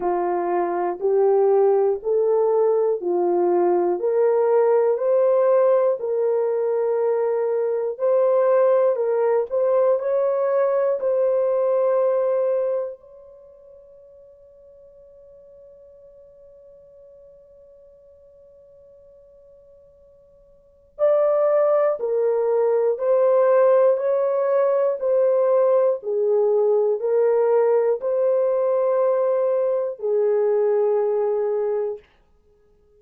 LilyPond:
\new Staff \with { instrumentName = "horn" } { \time 4/4 \tempo 4 = 60 f'4 g'4 a'4 f'4 | ais'4 c''4 ais'2 | c''4 ais'8 c''8 cis''4 c''4~ | c''4 cis''2.~ |
cis''1~ | cis''4 d''4 ais'4 c''4 | cis''4 c''4 gis'4 ais'4 | c''2 gis'2 | }